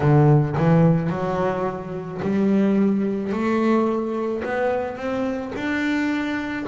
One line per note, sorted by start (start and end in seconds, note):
0.00 0.56 D3
0.57 1.09 E3
1.09 2.20 F#3
2.22 3.32 G3
3.32 4.43 A3
4.44 4.96 B3
4.96 5.52 C4
5.55 6.66 D4